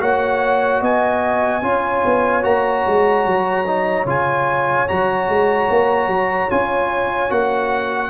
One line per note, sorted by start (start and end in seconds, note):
0.00 0.82 A#3
0.00 1.62 F#4
0.00 0.82 C#5
0.00 0.83 F#5
0.82 1.62 B3
0.82 1.63 D#5
0.82 2.44 G#5
1.62 2.03 C#4
1.62 2.43 F4
1.62 8.10 C#5
2.05 2.45 B3
2.43 2.85 A#3
2.43 3.64 F#4
2.43 4.07 A#5
2.87 3.26 G#3
3.26 4.06 F#3
3.67 4.07 D#4
4.06 4.87 C#3
4.06 4.88 F4
4.06 4.89 G#5
4.88 5.29 F#3
4.88 6.50 F#4
4.88 6.51 A#5
5.29 5.69 G#3
5.70 6.08 A#3
6.08 6.48 F#3
6.50 7.32 C#4
6.50 7.30 F4
6.50 7.32 G#5
7.30 8.10 A#3
7.30 8.10 F#4
7.30 8.10 F#5